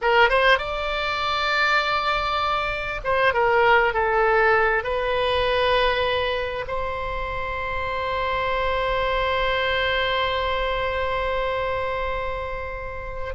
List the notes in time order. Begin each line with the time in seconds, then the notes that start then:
0.01 A#4
0.29 C5
0.58 D5
3.04 C5
3.33 A#4
3.93 A4
4.83 B4
6.67 C5